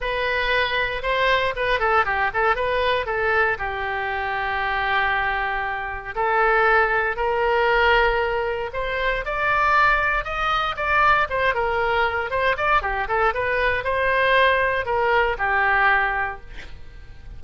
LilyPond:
\new Staff \with { instrumentName = "oboe" } { \time 4/4 \tempo 4 = 117 b'2 c''4 b'8 a'8 | g'8 a'8 b'4 a'4 g'4~ | g'1 | a'2 ais'2~ |
ais'4 c''4 d''2 | dis''4 d''4 c''8 ais'4. | c''8 d''8 g'8 a'8 b'4 c''4~ | c''4 ais'4 g'2 | }